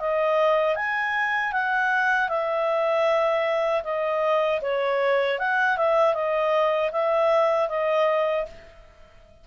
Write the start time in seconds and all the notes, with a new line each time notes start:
0.00 D#5
0.76 G#5
1.53 F#5
2.29 E5
3.84 D#5
4.62 C#5
5.39 F#5
5.78 E5
6.14 D#5
6.92 E5
7.69 D#5